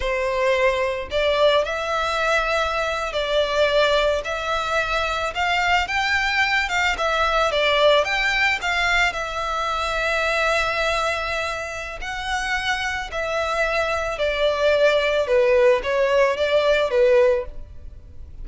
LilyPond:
\new Staff \with { instrumentName = "violin" } { \time 4/4 \tempo 4 = 110 c''2 d''4 e''4~ | e''4.~ e''16 d''2 e''16~ | e''4.~ e''16 f''4 g''4~ g''16~ | g''16 f''8 e''4 d''4 g''4 f''16~ |
f''8. e''2.~ e''16~ | e''2 fis''2 | e''2 d''2 | b'4 cis''4 d''4 b'4 | }